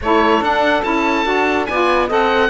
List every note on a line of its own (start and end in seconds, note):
0.01 0.40 A3
0.01 0.42 E4
0.01 1.68 A4
0.01 0.43 C#5
0.40 0.82 D4
0.40 0.83 D4
0.40 0.83 F#5
0.83 1.25 C#4
0.83 1.24 E4
0.83 1.66 A5
1.24 1.67 D4
1.24 1.66 F#4
1.66 2.10 B3
1.66 2.07 D5
1.66 2.08 G#5
1.72 2.09 F4
2.07 2.49 C4
2.07 2.49 A4
2.07 2.49 D#5
2.07 2.49 F#5